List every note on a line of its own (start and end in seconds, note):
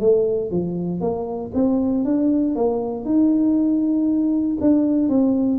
0.00 0.51 A3
0.51 1.00 F3
1.00 1.51 A#3
1.54 2.04 C4
2.04 2.55 D4
2.55 3.05 A#3
3.05 4.58 D#4
4.60 5.09 D4
5.09 5.59 C4